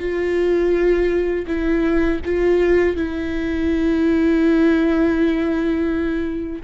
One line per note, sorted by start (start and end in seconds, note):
0.00 1.46 F4
1.47 2.21 E4
2.25 2.97 F4
2.97 6.63 E4